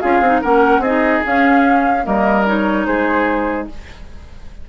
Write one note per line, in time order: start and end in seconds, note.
0.00 0.20 C#4
0.00 0.23 F4
0.00 0.41 G#4
0.00 0.41 F5
0.20 0.41 C4
0.20 0.42 D#4
0.41 0.78 A#3
0.41 0.83 C#4
0.41 0.81 A#4
0.41 0.82 F#5
0.78 1.19 C4
0.78 2.03 G#4
0.78 1.23 D#5
0.85 1.23 D#4
1.23 2.03 C#4
1.23 2.06 C#4
1.23 2.06 F5
2.03 2.86 G3
2.03 2.43 A#3
2.03 2.86 A#4
2.03 2.47 D#5
2.46 3.69 D#4
2.46 2.86 C#5
2.86 3.68 G#3
2.86 3.68 G#4
2.86 3.67 C5